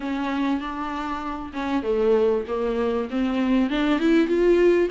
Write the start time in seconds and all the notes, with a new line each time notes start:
0.00 C#4
0.60 D4
1.53 C#4
1.83 A3
2.47 A#3
3.10 C4
3.70 D4
3.99 E4
4.27 F4